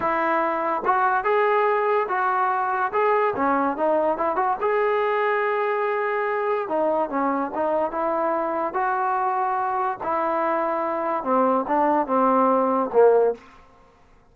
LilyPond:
\new Staff \with { instrumentName = "trombone" } { \time 4/4 \tempo 4 = 144 e'2 fis'4 gis'4~ | gis'4 fis'2 gis'4 | cis'4 dis'4 e'8 fis'8 gis'4~ | gis'1 |
dis'4 cis'4 dis'4 e'4~ | e'4 fis'2. | e'2. c'4 | d'4 c'2 ais4 | }